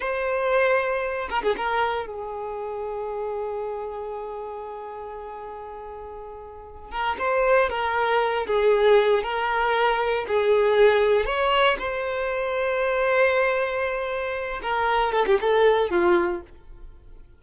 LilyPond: \new Staff \with { instrumentName = "violin" } { \time 4/4 \tempo 4 = 117 c''2~ c''8 ais'16 gis'16 ais'4 | gis'1~ | gis'1~ | gis'4. ais'8 c''4 ais'4~ |
ais'8 gis'4. ais'2 | gis'2 cis''4 c''4~ | c''1~ | c''8 ais'4 a'16 g'16 a'4 f'4 | }